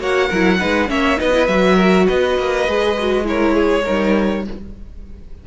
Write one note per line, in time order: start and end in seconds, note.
0.00 0.30 A#3
0.00 0.30 F#4
0.00 0.28 C#5
0.00 0.90 F#5
0.28 0.62 F#3
0.28 0.60 E4
0.28 0.58 A#4
0.60 0.89 G#3
0.60 0.88 D#4
0.60 0.89 B4
0.88 1.19 A#3
0.88 1.17 C#4
0.88 1.19 C#5
0.88 1.20 E5
1.17 1.49 B3
1.17 1.32 D#4
1.17 1.76 B4
1.17 1.47 D#5
1.33 1.48 E4
1.47 2.08 F#3
1.47 2.68 F#4
1.47 2.07 E5
1.76 2.06 A#4
2.06 2.39 B3
2.06 3.25 B4
2.06 3.27 D#5
2.39 2.68 A#3
2.68 3.87 G#3
2.68 2.98 G#4
2.99 3.24 F#4
3.24 3.83 E4
3.24 3.55 A#4
3.24 4.47 C#5
3.55 3.85 G#4
3.85 4.48 G3
3.85 4.45 D#4
3.85 4.44 A#4